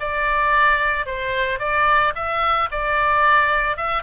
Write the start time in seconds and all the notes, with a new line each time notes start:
0.00 D5
1.06 C5
1.59 D5
2.15 E5
2.71 D5
3.77 E5